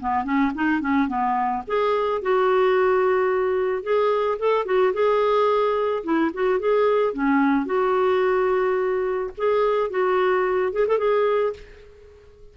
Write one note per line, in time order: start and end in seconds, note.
0.00 0.24 B3
0.24 0.51 C#4
0.54 0.80 D#4
0.80 1.08 C#4
1.08 1.63 B3
1.67 2.21 G#4
2.21 3.83 F#4
3.83 4.38 G#4
4.39 4.65 A4
4.65 4.92 F#4
4.93 6.03 G#4
6.03 6.31 E4
6.34 6.59 F#4
6.59 7.13 G#4
7.13 7.65 C#4
7.65 9.30 F#4
9.37 9.90 G#4
9.90 10.72 F#4
10.72 10.86 G#4
10.87 10.98 A4
10.98 11.53 G#4